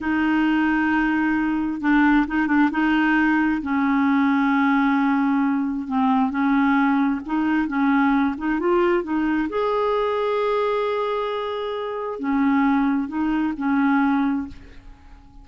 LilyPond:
\new Staff \with { instrumentName = "clarinet" } { \time 4/4 \tempo 4 = 133 dis'1 | d'4 dis'8 d'8 dis'2 | cis'1~ | cis'4 c'4 cis'2 |
dis'4 cis'4. dis'8 f'4 | dis'4 gis'2.~ | gis'2. cis'4~ | cis'4 dis'4 cis'2 | }